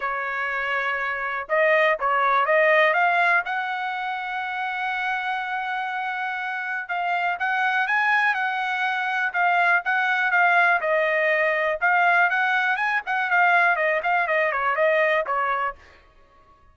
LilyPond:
\new Staff \with { instrumentName = "trumpet" } { \time 4/4 \tempo 4 = 122 cis''2. dis''4 | cis''4 dis''4 f''4 fis''4~ | fis''1~ | fis''2 f''4 fis''4 |
gis''4 fis''2 f''4 | fis''4 f''4 dis''2 | f''4 fis''4 gis''8 fis''8 f''4 | dis''8 f''8 dis''8 cis''8 dis''4 cis''4 | }